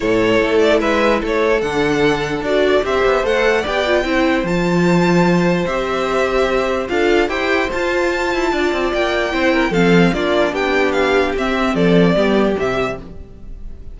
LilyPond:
<<
  \new Staff \with { instrumentName = "violin" } { \time 4/4 \tempo 4 = 148 cis''4. d''8 e''4 cis''4 | fis''2 d''4 e''4 | fis''4 g''2 a''4~ | a''2 e''2~ |
e''4 f''4 g''4 a''4~ | a''2 g''2 | f''4 d''4 g''4 f''4 | e''4 d''2 e''4 | }
  \new Staff \with { instrumentName = "violin" } { \time 4/4 a'2 b'4 a'4~ | a'2. c''4~ | c''4 d''4 c''2~ | c''1~ |
c''4 a'4 c''2~ | c''4 d''2 c''8 ais'8 | a'4 f'4 g'2~ | g'4 a'4 g'2 | }
  \new Staff \with { instrumentName = "viola" } { \time 4/4 e'1 | d'2 fis'4 g'4 | a'4 g'8 f'8 e'4 f'4~ | f'2 g'2~ |
g'4 f'4 g'4 f'4~ | f'2. e'4 | c'4 d'2. | c'2 b4 g4 | }
  \new Staff \with { instrumentName = "cello" } { \time 4/4 a,4 a4 gis4 a4 | d2 d'4 c'8 b8 | a4 b4 c'4 f4~ | f2 c'2~ |
c'4 d'4 e'4 f'4~ | f'8 e'8 d'8 c'8 ais4 c'4 | f4 ais4 b2 | c'4 f4 g4 c4 | }
>>